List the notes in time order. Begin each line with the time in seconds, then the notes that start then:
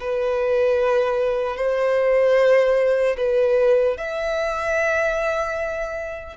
0.00 B4
1.56 C5
3.17 B4
3.97 E5